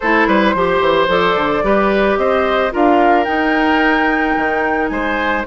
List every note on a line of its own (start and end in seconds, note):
0.00 0.27 A3
0.00 0.56 E4
0.00 0.27 A4
0.00 1.09 C5
0.27 0.54 G3
0.27 0.54 B4
0.54 0.80 F3
0.54 1.08 G4
0.54 1.64 C5
0.80 1.07 E3
1.07 1.35 F3
1.07 1.62 A4
1.07 2.17 D5
1.36 1.63 D3
1.63 2.17 G3
1.63 2.71 G4
1.63 2.19 B4
2.17 2.72 C4
2.17 2.72 C5
2.17 2.71 D#5
2.71 3.27 D4
2.71 3.25 F4
2.71 4.91 A#4
2.71 3.24 F5
3.24 5.43 D#4
3.24 4.36 D#4
3.24 4.88 G5
4.36 4.90 D#3
4.88 5.44 G#3
4.88 5.46 C5
4.88 5.42 G#5